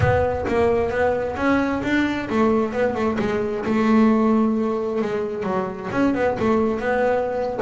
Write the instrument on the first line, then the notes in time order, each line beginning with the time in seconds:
double bass
0.00 B3
0.48 A#3
0.90 B3
1.36 C#4
1.83 D4
2.29 A3
2.73 B3
2.94 A3
3.19 G#3
3.65 A3
5.01 G#3
5.43 F#3
5.91 C#4
6.14 B3
6.39 A3
6.79 B3